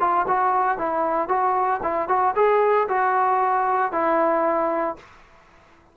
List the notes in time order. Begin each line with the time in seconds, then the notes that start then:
0.00 F4
0.28 F#4
0.78 E4
1.28 F#4
1.83 E4
2.08 F#4
2.35 G#4
2.88 F#4
3.92 E4